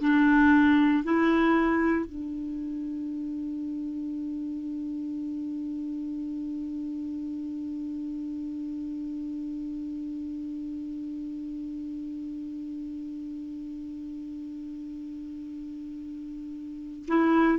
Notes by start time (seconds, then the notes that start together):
0.00 D4
1.04 E4
2.06 D4
17.08 E4